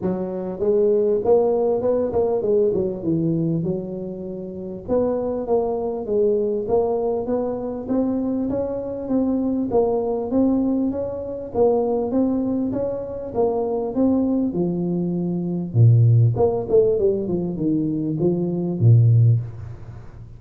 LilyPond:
\new Staff \with { instrumentName = "tuba" } { \time 4/4 \tempo 4 = 99 fis4 gis4 ais4 b8 ais8 | gis8 fis8 e4 fis2 | b4 ais4 gis4 ais4 | b4 c'4 cis'4 c'4 |
ais4 c'4 cis'4 ais4 | c'4 cis'4 ais4 c'4 | f2 ais,4 ais8 a8 | g8 f8 dis4 f4 ais,4 | }